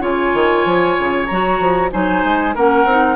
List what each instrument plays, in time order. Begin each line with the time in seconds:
0.00 bassoon C#3, clarinet F4, oboe C#5, flute G#5
0.33 bassoon D#3
0.65 bassoon F3
0.98 bassoon C#3
1.26 bassoon F#3, clarinet F#4, flute A#5
1.59 bassoon F3
1.91 bassoon F#3, clarinet D#4, oboe C5, flute G#5
2.24 bassoon G#3
2.55 bassoon A#3, clarinet C#4, oboe A#4, flute F#5
2.84 bassoon C4, clarinet D#4